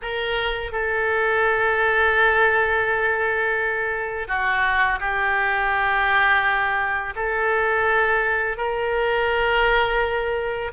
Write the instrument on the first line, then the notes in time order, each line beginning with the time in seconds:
oboe
0.02 A#4
0.72 A4
4.27 F#4
4.99 G4
7.15 A4
8.57 A#4